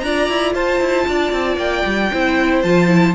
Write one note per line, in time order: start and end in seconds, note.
0.00 0.28 D4
0.00 2.12 F4
0.00 0.53 D5
0.00 0.52 A#5
0.28 0.54 E4
0.53 0.80 F4
0.53 1.06 C5
0.53 1.58 A5
0.80 1.06 E4
1.07 1.32 D4
1.07 2.11 D5
1.32 1.56 C4
1.56 1.82 A#3
1.56 2.62 G5
1.85 2.11 G3
2.11 2.63 C4
2.11 2.63 E4
2.11 3.14 C5
2.62 3.14 F3
2.62 2.87 F4
2.62 3.14 A5
2.87 3.13 E4